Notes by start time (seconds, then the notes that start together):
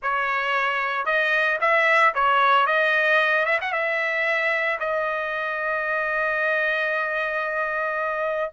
0.02 C#5
1.05 D#5
1.60 E5
2.14 C#5
2.66 D#5
3.45 E5
3.61 F#5
3.72 E5
4.79 D#5